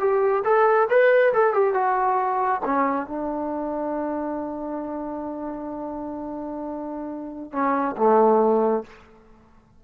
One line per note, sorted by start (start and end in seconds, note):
0.00 0.43 G4
0.45 0.88 A4
0.90 1.33 B4
1.34 1.54 A4
1.54 1.74 G4
1.74 2.61 F#4
2.65 3.07 C#4
3.07 7.52 D4
7.52 7.96 C#4
7.97 8.84 A3